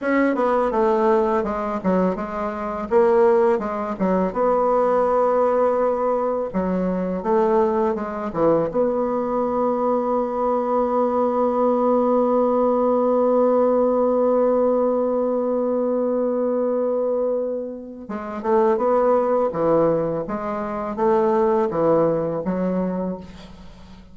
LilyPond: \new Staff \with { instrumentName = "bassoon" } { \time 4/4 \tempo 4 = 83 cis'8 b8 a4 gis8 fis8 gis4 | ais4 gis8 fis8 b2~ | b4 fis4 a4 gis8 e8 | b1~ |
b1~ | b1~ | b4 gis8 a8 b4 e4 | gis4 a4 e4 fis4 | }